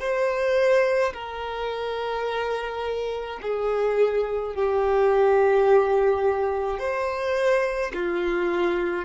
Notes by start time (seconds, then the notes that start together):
0.00 C5
1.14 A#4
3.42 G#4
4.55 G4
6.79 C5
7.94 F4